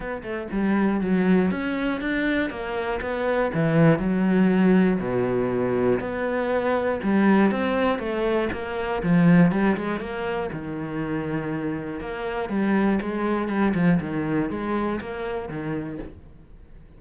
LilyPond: \new Staff \with { instrumentName = "cello" } { \time 4/4 \tempo 4 = 120 b8 a8 g4 fis4 cis'4 | d'4 ais4 b4 e4 | fis2 b,2 | b2 g4 c'4 |
a4 ais4 f4 g8 gis8 | ais4 dis2. | ais4 g4 gis4 g8 f8 | dis4 gis4 ais4 dis4 | }